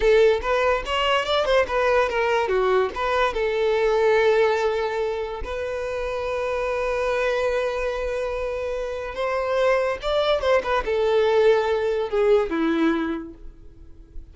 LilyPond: \new Staff \with { instrumentName = "violin" } { \time 4/4 \tempo 4 = 144 a'4 b'4 cis''4 d''8 c''8 | b'4 ais'4 fis'4 b'4 | a'1~ | a'4 b'2.~ |
b'1~ | b'2 c''2 | d''4 c''8 b'8 a'2~ | a'4 gis'4 e'2 | }